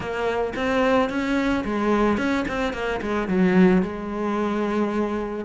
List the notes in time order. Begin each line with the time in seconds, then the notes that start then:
0.00 A#3
0.56 C4
1.09 C#4
1.65 G#3
2.17 C#4
2.48 C4
2.73 A#3
3.01 G#3
3.28 F#3
3.82 G#3